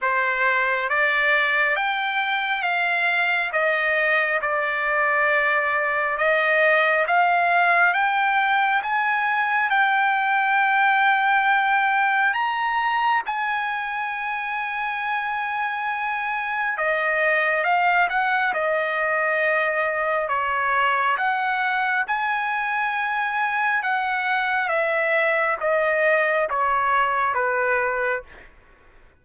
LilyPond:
\new Staff \with { instrumentName = "trumpet" } { \time 4/4 \tempo 4 = 68 c''4 d''4 g''4 f''4 | dis''4 d''2 dis''4 | f''4 g''4 gis''4 g''4~ | g''2 ais''4 gis''4~ |
gis''2. dis''4 | f''8 fis''8 dis''2 cis''4 | fis''4 gis''2 fis''4 | e''4 dis''4 cis''4 b'4 | }